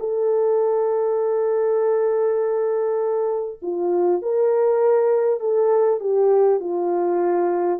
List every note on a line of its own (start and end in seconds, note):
0.00 3.60 A4
3.62 4.22 F4
4.22 5.41 A#4
5.41 6.00 A4
6.00 6.60 G4
6.61 7.80 F4